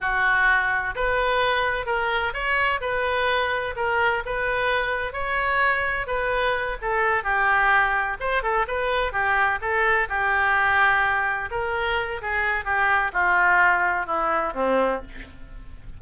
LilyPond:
\new Staff \with { instrumentName = "oboe" } { \time 4/4 \tempo 4 = 128 fis'2 b'2 | ais'4 cis''4 b'2 | ais'4 b'2 cis''4~ | cis''4 b'4. a'4 g'8~ |
g'4. c''8 a'8 b'4 g'8~ | g'8 a'4 g'2~ g'8~ | g'8 ais'4. gis'4 g'4 | f'2 e'4 c'4 | }